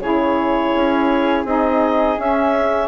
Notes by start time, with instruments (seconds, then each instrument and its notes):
0.00 bassoon C#3, saxophone E4, flute G#4, clarinet C#5
0.74 bassoon C#4
1.44 bassoon C4, saxophone D#4, clarinet D#5
2.17 bassoon C#4, saxophone C#4, clarinet E5